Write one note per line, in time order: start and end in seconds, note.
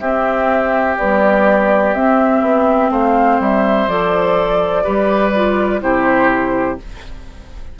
0.00 0.98 C4
0.00 0.99 C4
0.00 2.91 G4
0.00 0.97 E5
0.98 1.96 G3
0.98 1.95 B3
0.98 1.94 D5
1.94 2.42 C4
1.94 3.89 C4
1.94 2.91 E5
2.42 2.90 B3
2.90 3.39 A3
2.90 4.84 C5
2.90 3.41 F5
3.40 3.88 G3
3.40 3.89 E5
3.88 4.85 F3
3.88 4.84 A4
3.88 5.82 D5
4.84 5.82 G3
4.84 5.32 G4
4.84 5.81 B4
5.35 5.81 F4
5.81 6.79 C3
5.81 6.78 E4
5.81 6.80 G4
5.81 6.79 C5